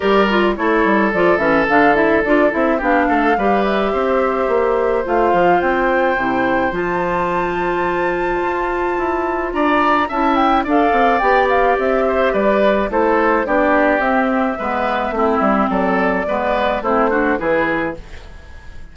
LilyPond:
<<
  \new Staff \with { instrumentName = "flute" } { \time 4/4 \tempo 4 = 107 d''4 cis''4 d''8 e''8 f''8 e''8 | d''8 e''8 f''4. e''4.~ | e''4 f''4 g''2 | a''1~ |
a''4 ais''4 a''8 g''8 f''4 | g''8 f''8 e''4 d''4 c''4 | d''4 e''2. | d''2 c''4 b'4 | }
  \new Staff \with { instrumentName = "oboe" } { \time 4/4 ais'4 a'2.~ | a'4 g'8 a'8 b'4 c''4~ | c''1~ | c''1~ |
c''4 d''4 e''4 d''4~ | d''4. c''8 b'4 a'4 | g'2 b'4 e'4 | a'4 b'4 e'8 fis'8 gis'4 | }
  \new Staff \with { instrumentName = "clarinet" } { \time 4/4 g'8 f'8 e'4 f'8 cis'8 d'8 e'8 | f'8 e'8 d'4 g'2~ | g'4 f'2 e'4 | f'1~ |
f'2 e'4 a'4 | g'2. e'4 | d'4 c'4 b4 c'4~ | c'4 b4 c'8 d'8 e'4 | }
  \new Staff \with { instrumentName = "bassoon" } { \time 4/4 g4 a8 g8 f8 e8 d4 | d'8 c'8 b8 a8 g4 c'4 | ais4 a8 f8 c'4 c4 | f2. f'4 |
e'4 d'4 cis'4 d'8 c'8 | b4 c'4 g4 a4 | b4 c'4 gis4 a8 g8 | fis4 gis4 a4 e4 | }
>>